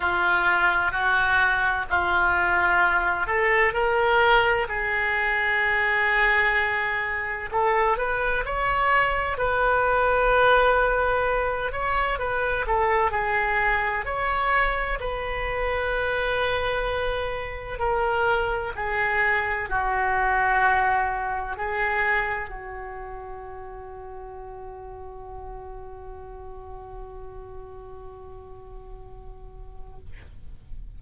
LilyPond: \new Staff \with { instrumentName = "oboe" } { \time 4/4 \tempo 4 = 64 f'4 fis'4 f'4. a'8 | ais'4 gis'2. | a'8 b'8 cis''4 b'2~ | b'8 cis''8 b'8 a'8 gis'4 cis''4 |
b'2. ais'4 | gis'4 fis'2 gis'4 | fis'1~ | fis'1 | }